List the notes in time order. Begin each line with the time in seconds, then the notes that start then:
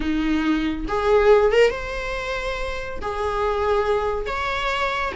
0.00 D#4
0.88 G#4
1.52 A#4
1.70 C5
3.01 G#4
4.26 C#5